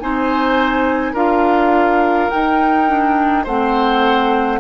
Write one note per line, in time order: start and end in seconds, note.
0.00 1.14 C4
0.00 1.16 D#4
0.00 1.13 C5
0.00 1.15 G#5
1.13 2.29 D4
1.13 2.31 F4
1.13 3.44 A#4
1.13 2.30 F5
2.30 2.88 D#4
2.30 3.47 D#4
2.30 3.46 G5
2.88 3.45 D4
3.44 4.60 A3
3.44 4.60 C4
3.44 4.60 C5
3.44 4.60 F#5